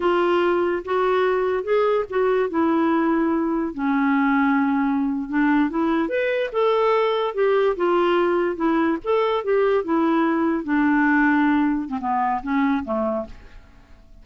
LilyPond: \new Staff \with { instrumentName = "clarinet" } { \time 4/4 \tempo 4 = 145 f'2 fis'2 | gis'4 fis'4 e'2~ | e'4 cis'2.~ | cis'8. d'4 e'4 b'4 a'16~ |
a'4.~ a'16 g'4 f'4~ f'16~ | f'8. e'4 a'4 g'4 e'16~ | e'4.~ e'16 d'2~ d'16~ | d'8. c'16 b4 cis'4 a4 | }